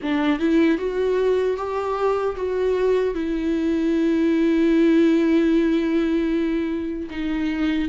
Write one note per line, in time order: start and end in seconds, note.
0.02 0.39 D4
0.39 0.78 E4
0.78 1.56 F#4
1.56 2.35 G4
2.35 3.14 F#4
3.14 7.09 E4
7.10 7.88 D#4